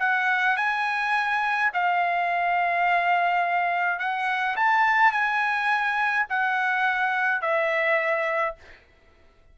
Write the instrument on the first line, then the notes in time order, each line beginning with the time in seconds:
trumpet
0.00 F#5
0.57 G#5
1.74 F5
3.99 F#5
4.56 A5
5.12 G#5
6.30 F#5
7.42 E5